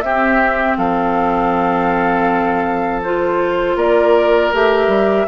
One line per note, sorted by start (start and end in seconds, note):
0.00 0.76 C4
0.00 3.02 C4
0.00 0.78 G4
0.00 0.75 E5
0.76 3.76 F3
0.76 3.76 A4
0.76 3.01 F5
3.02 4.53 F4
3.02 3.77 C5
3.76 4.51 A#3
3.76 5.26 A#4
3.76 4.53 D5
4.52 4.87 A3
4.52 5.28 G4
4.52 5.28 E5
4.87 5.25 G3